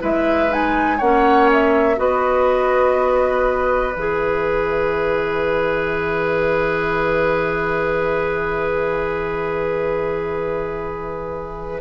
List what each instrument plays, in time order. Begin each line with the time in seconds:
0.00 bassoon G#3, clarinet E4, oboe B4, flute E5
0.49 clarinet D#4, flute G#5
0.98 bassoon A#3, clarinet C#4, oboe C#5, flute F#5
1.52 flute E5
1.96 bassoon B3, clarinet F#4, oboe B4, flute D#5
3.95 bassoon E3, clarinet G#4, flute E5